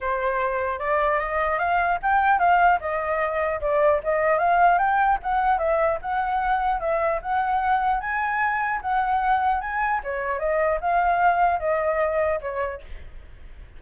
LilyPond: \new Staff \with { instrumentName = "flute" } { \time 4/4 \tempo 4 = 150 c''2 d''4 dis''4 | f''4 g''4 f''4 dis''4~ | dis''4 d''4 dis''4 f''4 | g''4 fis''4 e''4 fis''4~ |
fis''4 e''4 fis''2 | gis''2 fis''2 | gis''4 cis''4 dis''4 f''4~ | f''4 dis''2 cis''4 | }